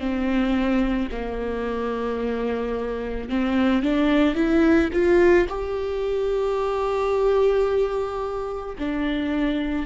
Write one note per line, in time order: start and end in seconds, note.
0.00 1.09 C4
1.12 3.30 A#3
3.30 3.83 C4
3.83 4.35 D4
4.35 4.90 E4
4.93 5.47 F4
5.49 8.76 G4
8.79 9.86 D4